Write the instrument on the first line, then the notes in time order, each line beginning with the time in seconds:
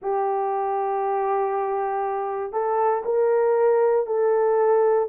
horn
0.01 G4
2.52 A4
3.05 A#4
4.06 A4